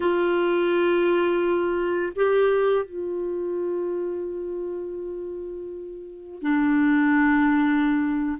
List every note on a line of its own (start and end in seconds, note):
0.00 2.12 F4
2.15 2.85 G4
2.85 6.42 F4
6.42 8.38 D4